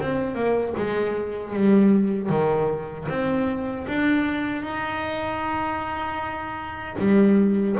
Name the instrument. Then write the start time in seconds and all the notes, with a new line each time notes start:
double bass
0.00 C4
0.35 A#3
0.77 G#3
1.53 G3
2.29 D#3
3.09 C4
3.87 D4
4.62 D#4
6.98 G3